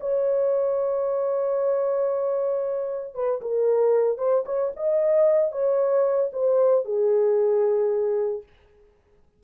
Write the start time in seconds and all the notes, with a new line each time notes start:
0.00 C#5
3.14 B4
3.41 A#4
4.18 C5
4.45 C#5
4.76 D#5
5.51 C#5
6.32 C5
6.85 G#4